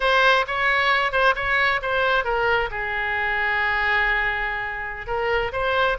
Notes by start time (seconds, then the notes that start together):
0.00 C5
0.47 C#5
1.12 C5
1.35 C#5
1.82 C5
2.24 A#4
2.70 G#4
5.06 A#4
5.52 C5